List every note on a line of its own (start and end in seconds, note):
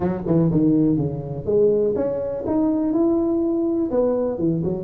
0.00 0.22 F#3
0.26 0.50 E3
0.51 0.97 D#3
0.97 1.45 C#3
1.45 1.94 G#3
1.95 2.44 C#4
2.46 2.92 D#4
2.92 3.90 E4
3.90 4.38 B3
4.38 4.62 E3
4.63 4.84 F#3